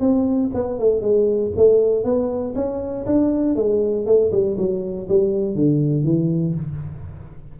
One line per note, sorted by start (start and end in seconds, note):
0.00 0.50 C4
0.54 0.79 B3
0.79 1.01 A3
1.01 1.51 G#3
1.56 2.04 A3
2.04 2.54 B3
2.55 3.06 C#4
3.06 3.56 D4
3.56 4.06 G#3
4.06 4.31 A3
4.32 4.57 G3
4.57 5.08 F#3
5.09 5.55 G3
5.55 6.04 D3
6.04 6.54 E3